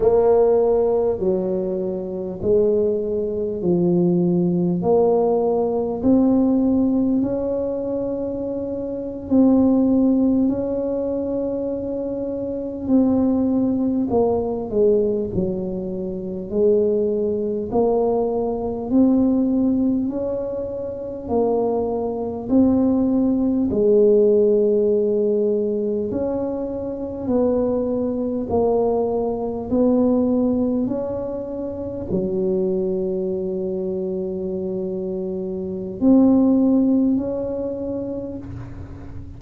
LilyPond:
\new Staff \with { instrumentName = "tuba" } { \time 4/4 \tempo 4 = 50 ais4 fis4 gis4 f4 | ais4 c'4 cis'4.~ cis'16 c'16~ | c'8. cis'2 c'4 ais16~ | ais16 gis8 fis4 gis4 ais4 c'16~ |
c'8. cis'4 ais4 c'4 gis16~ | gis4.~ gis16 cis'4 b4 ais16~ | ais8. b4 cis'4 fis4~ fis16~ | fis2 c'4 cis'4 | }